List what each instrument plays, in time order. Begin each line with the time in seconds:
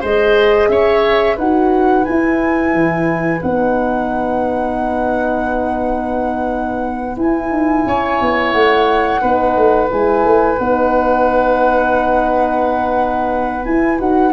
0.00 tuba G#3, horn G#4, oboe C5, flute D#5
0.68 tuba C#4, oboe C#5, flute E5
1.36 tuba D#4, horn F#4, oboe B4, flute F#5
2.04 horn E4, tuba E4, flute G#5
2.73 tuba E3
3.41 tuba B3, horn D#4, flute F#5
7.16 tuba E4, horn E4, flute G#5
7.50 tuba D#4
7.86 tuba C#4, oboe C#5
8.21 tuba B3
8.51 tuba A3, flute F#5
9.20 tuba B3, horn D#4, oboe B4
9.56 tuba A3
9.90 tuba G#3, horn E4, flute G#5
10.24 tuba A3
10.58 tuba B3, horn D#4, flute F#5
13.64 tuba E4, horn E4, flute G#5
13.98 tuba D#4, horn F#4, flute F#5